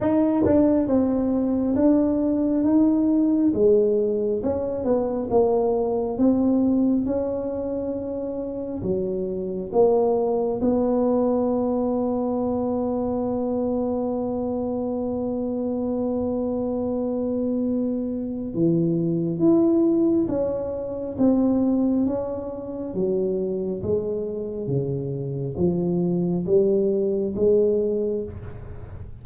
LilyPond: \new Staff \with { instrumentName = "tuba" } { \time 4/4 \tempo 4 = 68 dis'8 d'8 c'4 d'4 dis'4 | gis4 cis'8 b8 ais4 c'4 | cis'2 fis4 ais4 | b1~ |
b1~ | b4 e4 e'4 cis'4 | c'4 cis'4 fis4 gis4 | cis4 f4 g4 gis4 | }